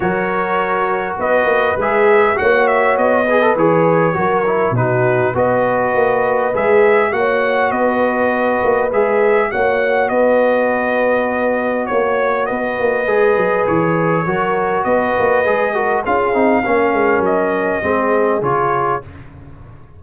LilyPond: <<
  \new Staff \with { instrumentName = "trumpet" } { \time 4/4 \tempo 4 = 101 cis''2 dis''4 e''4 | fis''8 e''8 dis''4 cis''2 | b'4 dis''2 e''4 | fis''4 dis''2 e''4 |
fis''4 dis''2. | cis''4 dis''2 cis''4~ | cis''4 dis''2 f''4~ | f''4 dis''2 cis''4 | }
  \new Staff \with { instrumentName = "horn" } { \time 4/4 ais'2 b'2 | cis''4. b'4. ais'4 | fis'4 b'2. | cis''4 b'2. |
cis''4 b'2. | cis''4 b'2. | ais'4 b'4. ais'8 gis'4 | ais'2 gis'2 | }
  \new Staff \with { instrumentName = "trombone" } { \time 4/4 fis'2. gis'4 | fis'4. gis'16 a'16 gis'4 fis'8 e'8 | dis'4 fis'2 gis'4 | fis'2. gis'4 |
fis'1~ | fis'2 gis'2 | fis'2 gis'8 fis'8 f'8 dis'8 | cis'2 c'4 f'4 | }
  \new Staff \with { instrumentName = "tuba" } { \time 4/4 fis2 b8 ais8 gis4 | ais4 b4 e4 fis4 | b,4 b4 ais4 gis4 | ais4 b4. ais8 gis4 |
ais4 b2. | ais4 b8 ais8 gis8 fis8 e4 | fis4 b8 ais8 gis4 cis'8 c'8 | ais8 gis8 fis4 gis4 cis4 | }
>>